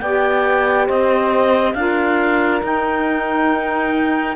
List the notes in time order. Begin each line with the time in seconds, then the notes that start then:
0.00 B3 G4 D5 G5
0.87 C4 C5 D#5
1.74 D4 F4 A#4 F5
2.61 D#4 G5